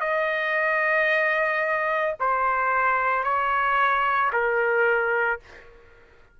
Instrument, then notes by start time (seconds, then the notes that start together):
trumpet
0.00 D#5
2.20 C5
3.23 C#5
4.32 A#4